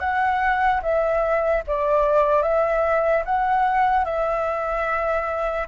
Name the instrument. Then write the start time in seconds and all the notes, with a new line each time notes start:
flute
0.00 F#5
0.83 E5
1.67 D5
2.43 E5
3.25 F#5
4.05 E5